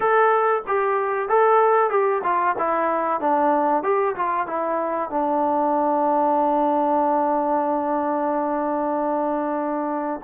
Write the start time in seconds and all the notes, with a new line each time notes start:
0.00 A4
0.67 G4
1.29 A4
1.90 G4
2.23 F4
2.58 E4
3.20 D4
3.83 G4
4.15 F4
4.47 E4
5.10 D4